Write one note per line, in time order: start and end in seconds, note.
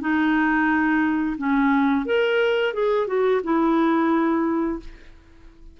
0.00 1.36 D#4
1.37 2.05 C#4
2.05 2.73 A#4
2.73 3.07 G#4
3.07 3.41 F#4
3.43 4.79 E4